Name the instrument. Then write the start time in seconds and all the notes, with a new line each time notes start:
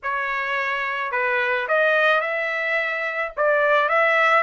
trumpet
0.03 C#5
1.11 B4
1.67 D#5
2.20 E5
3.36 D5
3.89 E5